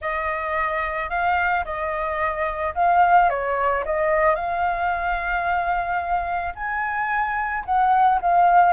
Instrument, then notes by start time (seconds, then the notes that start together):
flute
0.01 D#5
1.09 F5
1.64 D#5
2.74 F5
3.29 C#5
3.85 D#5
4.35 F5
6.55 G#5
7.65 F#5
8.21 F5